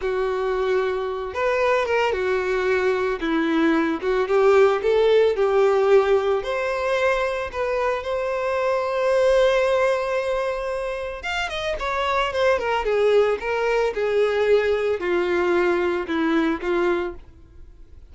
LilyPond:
\new Staff \with { instrumentName = "violin" } { \time 4/4 \tempo 4 = 112 fis'2~ fis'8 b'4 ais'8 | fis'2 e'4. fis'8 | g'4 a'4 g'2 | c''2 b'4 c''4~ |
c''1~ | c''4 f''8 dis''8 cis''4 c''8 ais'8 | gis'4 ais'4 gis'2 | f'2 e'4 f'4 | }